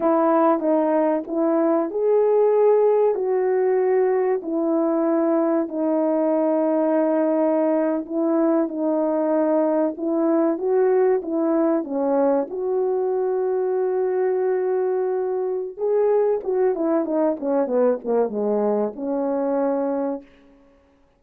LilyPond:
\new Staff \with { instrumentName = "horn" } { \time 4/4 \tempo 4 = 95 e'4 dis'4 e'4 gis'4~ | gis'4 fis'2 e'4~ | e'4 dis'2.~ | dis'8. e'4 dis'2 e'16~ |
e'8. fis'4 e'4 cis'4 fis'16~ | fis'1~ | fis'4 gis'4 fis'8 e'8 dis'8 cis'8 | b8 ais8 gis4 cis'2 | }